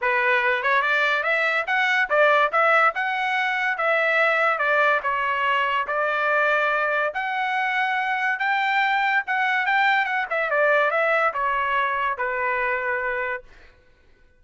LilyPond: \new Staff \with { instrumentName = "trumpet" } { \time 4/4 \tempo 4 = 143 b'4. cis''8 d''4 e''4 | fis''4 d''4 e''4 fis''4~ | fis''4 e''2 d''4 | cis''2 d''2~ |
d''4 fis''2. | g''2 fis''4 g''4 | fis''8 e''8 d''4 e''4 cis''4~ | cis''4 b'2. | }